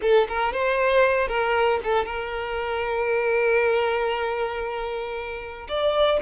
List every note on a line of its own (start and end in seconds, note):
0.01 0.27 A4
0.28 0.52 A#4
0.52 1.28 C5
1.28 1.79 A#4
1.83 2.05 A4
2.05 5.67 A#4
5.68 6.20 D5